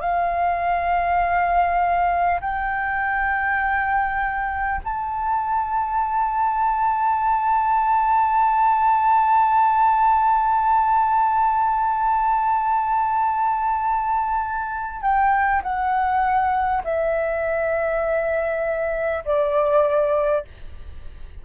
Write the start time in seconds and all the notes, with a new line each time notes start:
0.00 F5
2.41 G5
4.84 A5
15.02 G5
15.63 F#5
16.84 E5
19.25 D5